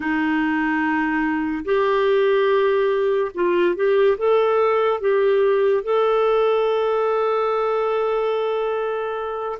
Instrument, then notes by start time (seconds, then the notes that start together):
clarinet
0.00 D#4
1.64 G4
3.34 F4
3.75 G4
4.17 A4
5.00 G4
5.83 A4